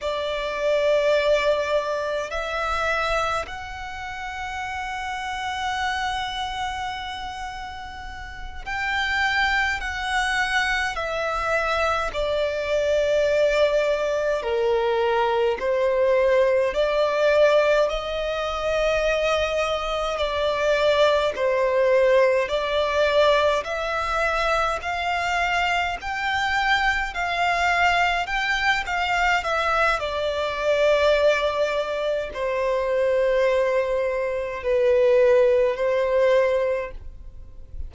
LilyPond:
\new Staff \with { instrumentName = "violin" } { \time 4/4 \tempo 4 = 52 d''2 e''4 fis''4~ | fis''2.~ fis''8 g''8~ | g''8 fis''4 e''4 d''4.~ | d''8 ais'4 c''4 d''4 dis''8~ |
dis''4. d''4 c''4 d''8~ | d''8 e''4 f''4 g''4 f''8~ | f''8 g''8 f''8 e''8 d''2 | c''2 b'4 c''4 | }